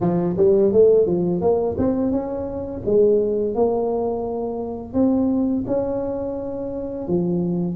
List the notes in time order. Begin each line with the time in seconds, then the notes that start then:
0.01 F3
0.37 G3
0.72 A3
1.06 F3
1.41 A#3
1.78 C4
2.11 C#4
2.85 G#3
3.54 A#3
4.93 C4
5.66 C#4
7.07 F3